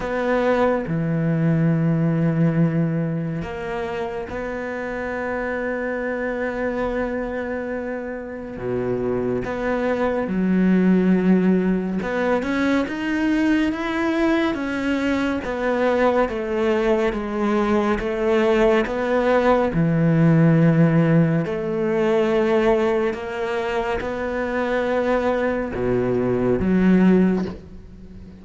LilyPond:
\new Staff \with { instrumentName = "cello" } { \time 4/4 \tempo 4 = 70 b4 e2. | ais4 b2.~ | b2 b,4 b4 | fis2 b8 cis'8 dis'4 |
e'4 cis'4 b4 a4 | gis4 a4 b4 e4~ | e4 a2 ais4 | b2 b,4 fis4 | }